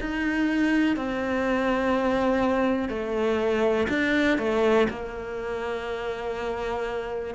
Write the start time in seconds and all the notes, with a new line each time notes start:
0.00 D#4
0.96 C4
2.89 A3
3.89 D4
4.38 A3
4.90 A#3